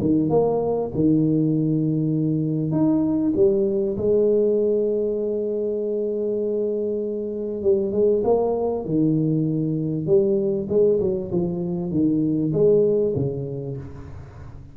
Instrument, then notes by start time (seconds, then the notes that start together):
tuba
0.00 D#3
0.30 A#3
0.95 D#3
2.72 D#4
3.36 G3
3.97 G#3
7.62 G3
7.92 G#3
8.24 A#3
8.85 D#3
10.06 G3
10.69 G#3
11.00 F#3
11.32 F3
11.91 D#3
12.53 G#3
13.15 C#3